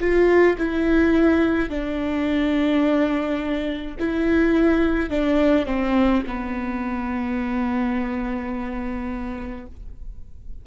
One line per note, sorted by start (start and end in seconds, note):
0.00 0.57 F4
0.58 1.69 E4
1.69 3.96 D4
3.99 5.10 E4
5.10 5.66 D4
5.66 6.23 C4
6.26 9.66 B3